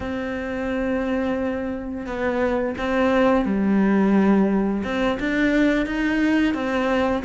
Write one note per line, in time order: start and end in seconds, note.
0.00 2.06 C4
2.06 2.75 B3
2.77 3.45 C4
3.45 4.83 G3
4.84 5.18 C4
5.19 5.86 D4
5.86 6.54 D#4
6.54 7.23 C4